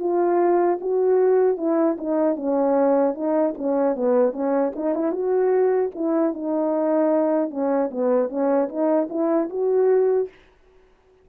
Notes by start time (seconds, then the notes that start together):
0.00 F4
0.81 F#4
1.58 E4
1.98 D#4
2.36 C#4
3.15 D#4
3.58 C#4
3.96 B3
4.33 C#4
4.76 D#4
4.95 E4
5.12 F#4
5.95 E4
6.34 D#4
7.51 C#4
7.91 B3
8.29 C#4
8.69 D#4
9.10 E4
9.50 F#4